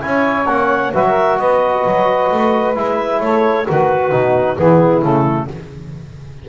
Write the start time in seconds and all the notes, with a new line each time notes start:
0.00 C#4 E4 G#5
0.06 C#5
0.47 A#3 C#4 F#5
0.94 F#3 F#4 B4 E5
1.07 A#4
1.39 B3 B4 D#5
1.86 F#3
2.32 A3
2.75 G#3 E4 E5
3.21 A3 A4 C#5
3.67 D#3 F#4 B4
4.12 B2 D#4
4.58 E3 B3 E4 G#4
5.02 C#3 A3 A4